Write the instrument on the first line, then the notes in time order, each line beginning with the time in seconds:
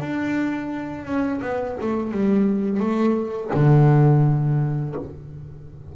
double bass
0.00 D4
1.05 C#4
1.41 B3
1.81 A3
2.11 G3
2.80 A3
3.54 D3